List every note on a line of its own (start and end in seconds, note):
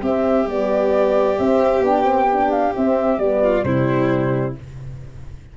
0.00 0.45 C4
0.00 0.46 C4
0.00 3.42 G4
0.00 0.48 E5
0.46 1.37 G3
0.46 1.38 B3
0.46 1.38 D5
1.38 1.83 C4
1.38 1.80 C4
1.38 1.84 E5
1.80 2.71 B3
1.80 2.03 D4
1.80 2.51 G5
2.03 2.26 C4
2.32 2.73 D4
2.51 2.73 F5
2.73 3.19 C4
2.73 3.17 C4
2.73 3.18 E5
3.17 3.62 G3
3.17 3.64 B3
3.17 3.63 D5
3.42 3.65 F4
3.63 4.55 C3
3.63 4.54 G3
3.63 4.57 E4
3.63 4.54 C5